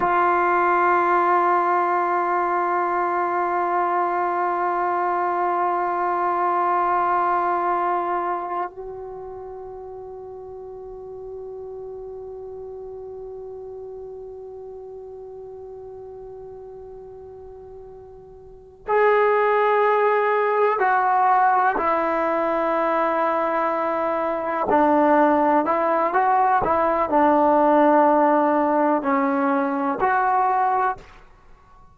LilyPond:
\new Staff \with { instrumentName = "trombone" } { \time 4/4 \tempo 4 = 62 f'1~ | f'1~ | f'4 fis'2.~ | fis'1~ |
fis'2.~ fis'8 gis'8~ | gis'4. fis'4 e'4.~ | e'4. d'4 e'8 fis'8 e'8 | d'2 cis'4 fis'4 | }